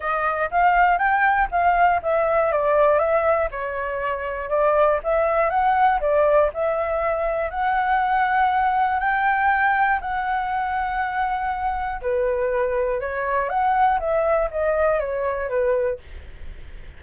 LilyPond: \new Staff \with { instrumentName = "flute" } { \time 4/4 \tempo 4 = 120 dis''4 f''4 g''4 f''4 | e''4 d''4 e''4 cis''4~ | cis''4 d''4 e''4 fis''4 | d''4 e''2 fis''4~ |
fis''2 g''2 | fis''1 | b'2 cis''4 fis''4 | e''4 dis''4 cis''4 b'4 | }